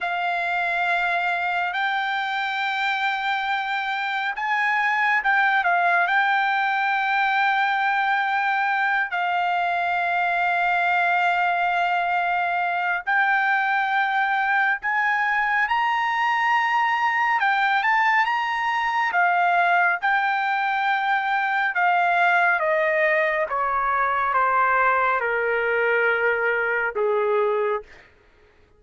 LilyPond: \new Staff \with { instrumentName = "trumpet" } { \time 4/4 \tempo 4 = 69 f''2 g''2~ | g''4 gis''4 g''8 f''8 g''4~ | g''2~ g''8 f''4.~ | f''2. g''4~ |
g''4 gis''4 ais''2 | g''8 a''8 ais''4 f''4 g''4~ | g''4 f''4 dis''4 cis''4 | c''4 ais'2 gis'4 | }